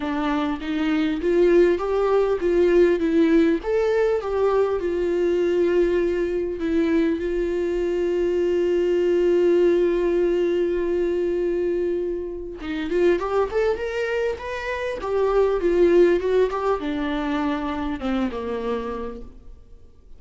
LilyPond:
\new Staff \with { instrumentName = "viola" } { \time 4/4 \tempo 4 = 100 d'4 dis'4 f'4 g'4 | f'4 e'4 a'4 g'4 | f'2. e'4 | f'1~ |
f'1~ | f'4 dis'8 f'8 g'8 a'8 ais'4 | b'4 g'4 f'4 fis'8 g'8 | d'2 c'8 ais4. | }